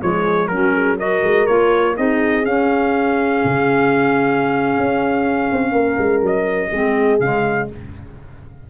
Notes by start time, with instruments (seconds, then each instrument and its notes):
0.00 tuba F3, clarinet G#3, horn G#4, trumpet C#5
0.47 tuba F#3, clarinet C#4, horn F#4, trumpet A#4
0.73 horn G#4
0.97 clarinet F#4, horn A#4, trumpet D#5
1.23 tuba G#3
1.46 tuba A#3, clarinet F4, trumpet C#5
1.95 tuba C4, clarinet D#4, horn G#4, trumpet D#5
2.43 clarinet C#4, tuba C#4, trumpet F5
3.44 tuba C#3
4.77 tuba C#4
5.52 tuba C4
5.72 tuba A#3, horn A#4
5.98 tuba G#3
6.22 tuba F#3, trumpet D#5
6.71 tuba G#3, clarinet C4, horn G#4
7.20 tuba C#3, clarinet G#3, trumpet F5